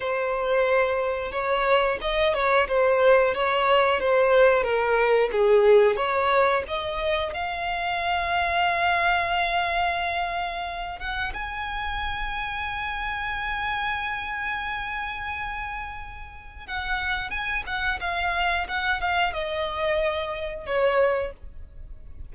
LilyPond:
\new Staff \with { instrumentName = "violin" } { \time 4/4 \tempo 4 = 90 c''2 cis''4 dis''8 cis''8 | c''4 cis''4 c''4 ais'4 | gis'4 cis''4 dis''4 f''4~ | f''1~ |
f''8 fis''8 gis''2.~ | gis''1~ | gis''4 fis''4 gis''8 fis''8 f''4 | fis''8 f''8 dis''2 cis''4 | }